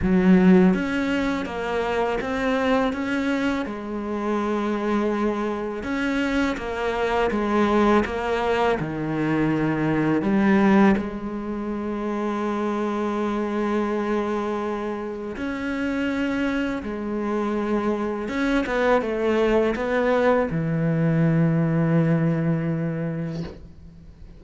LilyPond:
\new Staff \with { instrumentName = "cello" } { \time 4/4 \tempo 4 = 82 fis4 cis'4 ais4 c'4 | cis'4 gis2. | cis'4 ais4 gis4 ais4 | dis2 g4 gis4~ |
gis1~ | gis4 cis'2 gis4~ | gis4 cis'8 b8 a4 b4 | e1 | }